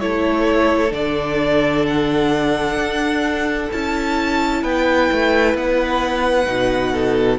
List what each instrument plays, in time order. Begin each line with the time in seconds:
0.00 cello A3, viola E4, violin A4 C#5
0.90 cello D3, viola D4, violin D5
1.87 violin F#5
2.76 cello D4
3.72 cello C#4, viola E4, violin A5
4.62 cello B3, violin B4 G5
5.12 cello A3
5.54 cello B3, violin F#5
6.46 cello B2, viola D#4
6.92 violin A4